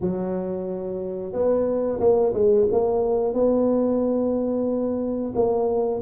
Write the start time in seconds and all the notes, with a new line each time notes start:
0.00 F#3
1.32 B3
2.00 A#3
2.33 G#3
2.71 A#3
3.33 B3
5.35 A#3